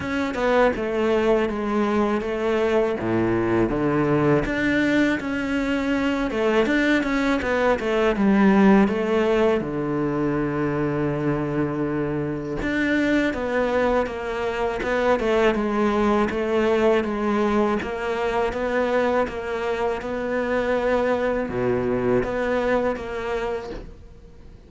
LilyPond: \new Staff \with { instrumentName = "cello" } { \time 4/4 \tempo 4 = 81 cis'8 b8 a4 gis4 a4 | a,4 d4 d'4 cis'4~ | cis'8 a8 d'8 cis'8 b8 a8 g4 | a4 d2.~ |
d4 d'4 b4 ais4 | b8 a8 gis4 a4 gis4 | ais4 b4 ais4 b4~ | b4 b,4 b4 ais4 | }